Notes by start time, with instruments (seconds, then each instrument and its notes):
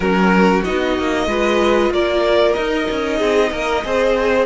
0.00 cello F#3, viola C#4, violin F#4 A#4
0.64 cello B3, viola D#4, violin D#5
0.99 cello A#3
1.26 cello G#3, viola F4, violin B4
1.90 cello A#3, violin A#4 D5
2.53 viola D#4, cello D#4, violin D#5
2.90 cello C#4
3.17 cello C4, violin G#4
3.51 cello A#3, violin A#4
3.84 cello C4, viola G#4, violin C5